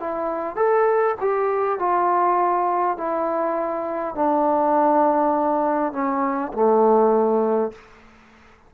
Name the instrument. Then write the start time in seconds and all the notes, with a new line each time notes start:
trombone
0.00 E4
0.56 A4
1.21 G4
1.79 F4
2.97 E4
4.15 D4
5.92 C#4
6.53 A3